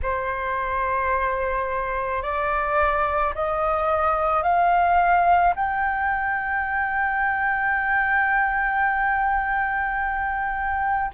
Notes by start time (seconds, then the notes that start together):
0.02 C5
2.22 D5
3.34 D#5
4.42 F5
5.56 G5